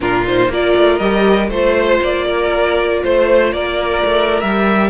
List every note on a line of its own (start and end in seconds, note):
0.00 0.48 A#2
0.00 0.25 D4
0.00 0.51 F4
0.00 0.25 A#4
0.26 0.51 D#4
0.26 0.52 C5
0.48 0.74 A#3
0.48 1.00 F4
0.48 1.49 A#4
0.48 0.98 D5
0.76 0.99 A3
0.98 1.48 G3
0.98 1.50 G4
0.98 1.48 D#5
1.48 1.99 A3
1.48 4.41 F4
1.48 2.25 C5
1.48 2.03 C5
2.02 3.03 A#3
2.02 3.03 D5
2.26 3.02 A#4
3.03 3.53 A3
3.03 3.53 C5
3.53 4.03 A#3
3.53 4.89 A#4
3.53 4.40 D5
4.05 4.42 A3
4.40 4.89 G3
4.40 4.89 G4
4.40 4.89 E5